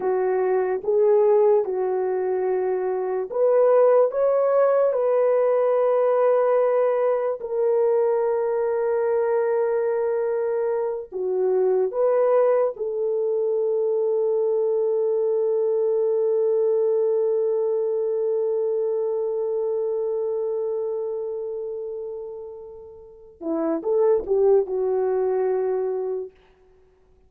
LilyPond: \new Staff \with { instrumentName = "horn" } { \time 4/4 \tempo 4 = 73 fis'4 gis'4 fis'2 | b'4 cis''4 b'2~ | b'4 ais'2.~ | ais'4. fis'4 b'4 a'8~ |
a'1~ | a'1~ | a'1~ | a'8 e'8 a'8 g'8 fis'2 | }